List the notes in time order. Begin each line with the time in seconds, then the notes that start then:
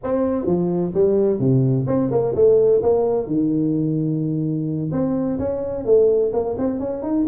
0.03 C4
0.46 F3
0.94 G3
1.39 C3
1.86 C4
2.11 A#3
2.35 A3
2.82 A#3
3.26 D#3
4.91 C4
5.38 C#4
5.85 A3
6.33 A#3
6.58 C4
6.79 C#4
7.02 D#4